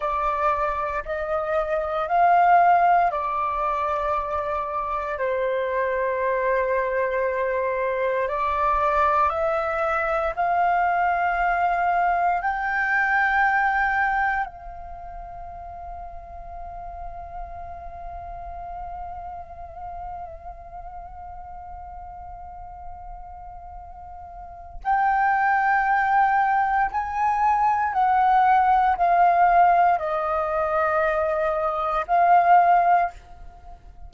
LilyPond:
\new Staff \with { instrumentName = "flute" } { \time 4/4 \tempo 4 = 58 d''4 dis''4 f''4 d''4~ | d''4 c''2. | d''4 e''4 f''2 | g''2 f''2~ |
f''1~ | f''1 | g''2 gis''4 fis''4 | f''4 dis''2 f''4 | }